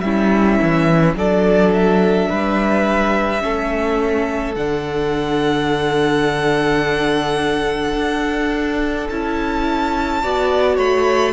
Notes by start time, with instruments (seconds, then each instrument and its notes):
0.00 cello G3, viola C#4, violin E4 E5
0.62 cello E3
1.14 cello F#3, viola D4, violin A4 D5
1.73 violin E5
2.29 cello G3, violin B4
3.40 cello A3, viola C#4, violin A4
4.54 cello D3, viola D4, violin F#5
7.93 cello D4
9.09 cello C#4, viola E4, violin A5
10.22 cello B3, viola F#4, violin D5
10.75 cello A3, violin C#5 B5